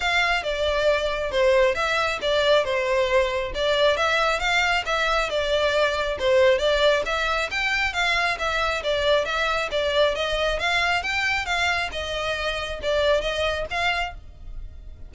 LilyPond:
\new Staff \with { instrumentName = "violin" } { \time 4/4 \tempo 4 = 136 f''4 d''2 c''4 | e''4 d''4 c''2 | d''4 e''4 f''4 e''4 | d''2 c''4 d''4 |
e''4 g''4 f''4 e''4 | d''4 e''4 d''4 dis''4 | f''4 g''4 f''4 dis''4~ | dis''4 d''4 dis''4 f''4 | }